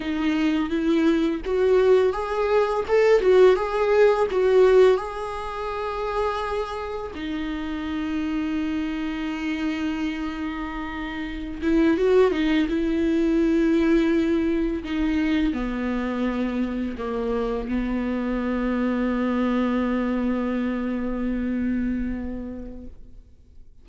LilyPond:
\new Staff \with { instrumentName = "viola" } { \time 4/4 \tempo 4 = 84 dis'4 e'4 fis'4 gis'4 | a'8 fis'8 gis'4 fis'4 gis'4~ | gis'2 dis'2~ | dis'1~ |
dis'16 e'8 fis'8 dis'8 e'2~ e'16~ | e'8. dis'4 b2 ais16~ | ais8. b2.~ b16~ | b1 | }